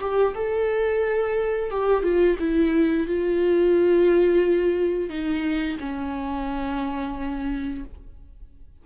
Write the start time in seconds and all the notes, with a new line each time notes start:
0.00 G4
0.34 A4
1.70 G4
2.03 F4
2.39 E4
3.07 F4
5.09 D#4
5.80 C#4